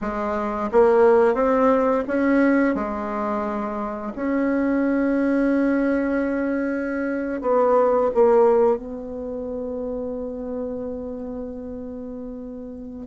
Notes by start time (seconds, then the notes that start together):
0.01 G#3
0.71 A#3
1.34 C4
2.07 C#4
2.74 G#3
4.15 C#4
7.41 B3
8.14 A#3
8.76 B3